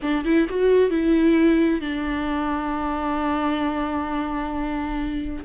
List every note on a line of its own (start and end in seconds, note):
0.02 0.24 D4
0.25 0.47 E4
0.49 0.90 F#4
0.90 1.80 E4
1.80 5.44 D4